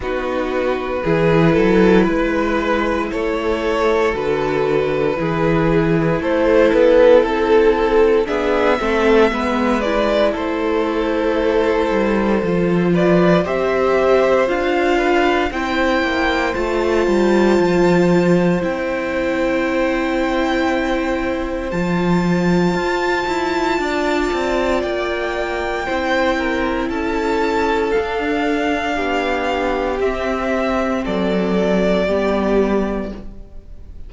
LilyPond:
<<
  \new Staff \with { instrumentName = "violin" } { \time 4/4 \tempo 4 = 58 b'2. cis''4 | b'2 c''8 b'8 a'4 | e''4. d''8 c''2~ | c''8 d''8 e''4 f''4 g''4 |
a''2 g''2~ | g''4 a''2. | g''2 a''4 f''4~ | f''4 e''4 d''2 | }
  \new Staff \with { instrumentName = "violin" } { \time 4/4 fis'4 gis'8 a'8 b'4 a'4~ | a'4 gis'4 a'2 | gis'8 a'8 b'4 a'2~ | a'8 b'8 c''4. b'8 c''4~ |
c''1~ | c''2. d''4~ | d''4 c''8 ais'8 a'2 | g'2 a'4 g'4 | }
  \new Staff \with { instrumentName = "viola" } { \time 4/4 dis'4 e'2. | fis'4 e'2. | d'8 c'8 b8 e'2~ e'8 | f'4 g'4 f'4 e'4 |
f'2 e'2~ | e'4 f'2.~ | f'4 e'2 d'4~ | d'4 c'2 b4 | }
  \new Staff \with { instrumentName = "cello" } { \time 4/4 b4 e8 fis8 gis4 a4 | d4 e4 a8 b8 c'4 | b8 a8 gis4 a4. g8 | f4 c'4 d'4 c'8 ais8 |
a8 g8 f4 c'2~ | c'4 f4 f'8 e'8 d'8 c'8 | ais4 c'4 cis'4 d'4 | b4 c'4 fis4 g4 | }
>>